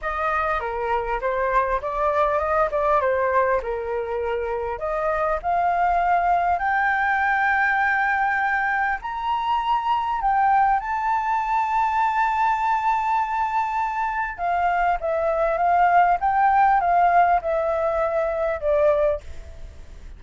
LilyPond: \new Staff \with { instrumentName = "flute" } { \time 4/4 \tempo 4 = 100 dis''4 ais'4 c''4 d''4 | dis''8 d''8 c''4 ais'2 | dis''4 f''2 g''4~ | g''2. ais''4~ |
ais''4 g''4 a''2~ | a''1 | f''4 e''4 f''4 g''4 | f''4 e''2 d''4 | }